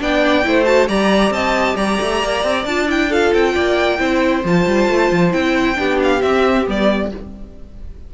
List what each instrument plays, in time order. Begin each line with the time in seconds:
0.00 cello B3, viola D4, violin D5 G5
0.44 cello A3, viola E4, violin C5
0.65 viola F#4, violin A5
0.87 cello G3, viola G4, violin D5 A#5
1.30 cello C4, violin D#5 A5
1.76 cello G3, violin D5 A#5
2.02 cello A3
2.23 cello A#3
2.44 cello C4
2.65 cello D4, viola F4, violin A5
2.88 viola E4, violin G5
3.09 viola F4, violin A4 F5
3.33 cello C4, violin G5
3.55 cello A#3, violin D5
3.98 cello C4, viola E4, violin C5
4.44 cello F3, viola F4, violin A5
4.67 cello G3
4.89 cello A3
5.11 cello F3
5.31 cello C4, viola E4, violin G5
5.75 cello B3, viola D4, violin G4
6.03 violin F5
6.21 viola C4, cello C4, violin E5
6.66 cello G3, viola B3, violin D5